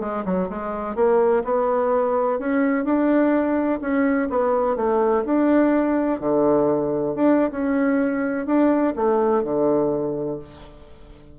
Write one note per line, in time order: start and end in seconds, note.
0.00 0.24 G#3
0.25 0.48 F#3
0.49 0.95 G#3
0.95 1.43 A#3
1.44 2.39 B3
2.39 2.85 C#4
2.85 3.80 D4
3.81 4.29 C#4
4.29 4.76 B3
4.76 5.24 A3
5.25 6.20 D4
6.20 7.15 D3
7.15 7.50 D4
7.51 8.46 C#4
8.46 8.94 D4
8.95 9.43 A3
9.43 10.38 D3